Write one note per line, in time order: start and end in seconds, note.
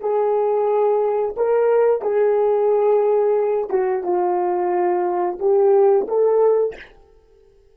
0.00 1.35 G#4
1.37 2.01 A#4
2.01 3.70 G#4
3.70 4.03 F#4
4.03 5.38 F4
5.39 6.07 G4
6.08 6.75 A4